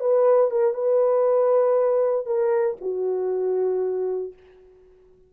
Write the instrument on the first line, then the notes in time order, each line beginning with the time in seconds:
horn
0.00 B4
0.50 A#4
0.74 B4
2.26 A#4
2.80 F#4